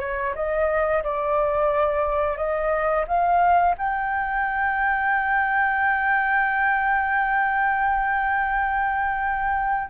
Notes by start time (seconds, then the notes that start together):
0.00 C#5
0.35 D#5
1.04 D5
2.37 D#5
3.07 F5
3.78 G5